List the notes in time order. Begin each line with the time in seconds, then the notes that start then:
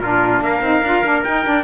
0.00 A#2 D4 F4 A#4
0.40 A#3 A#4 F5
0.61 C4 D#4
0.82 D4 F4
1.04 A#3 D4
1.24 D#4 G5
1.45 D4